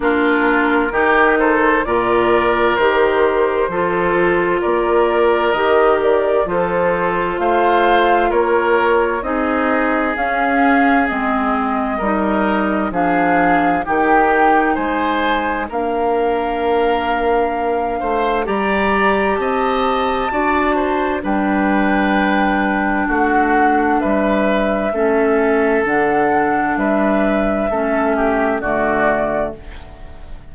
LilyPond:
<<
  \new Staff \with { instrumentName = "flute" } { \time 4/4 \tempo 4 = 65 ais'4. c''8 d''4 c''4~ | c''4 d''4 dis''8 d''8 c''4 | f''4 cis''4 dis''4 f''4 | dis''2 f''4 g''4 |
gis''4 f''2. | ais''4 a''2 g''4~ | g''4 fis''4 e''2 | fis''4 e''2 d''4 | }
  \new Staff \with { instrumentName = "oboe" } { \time 4/4 f'4 g'8 a'8 ais'2 | a'4 ais'2 a'4 | c''4 ais'4 gis'2~ | gis'4 ais'4 gis'4 g'4 |
c''4 ais'2~ ais'8 c''8 | d''4 dis''4 d''8 c''8 b'4~ | b'4 fis'4 b'4 a'4~ | a'4 b'4 a'8 g'8 fis'4 | }
  \new Staff \with { instrumentName = "clarinet" } { \time 4/4 d'4 dis'4 f'4 g'4 | f'2 g'4 f'4~ | f'2 dis'4 cis'4 | c'4 dis'4 d'4 dis'4~ |
dis'4 d'2. | g'2 fis'4 d'4~ | d'2. cis'4 | d'2 cis'4 a4 | }
  \new Staff \with { instrumentName = "bassoon" } { \time 4/4 ais4 dis4 ais,4 dis4 | f4 ais4 dis4 f4 | a4 ais4 c'4 cis'4 | gis4 g4 f4 dis4 |
gis4 ais2~ ais8 a8 | g4 c'4 d'4 g4~ | g4 a4 g4 a4 | d4 g4 a4 d4 | }
>>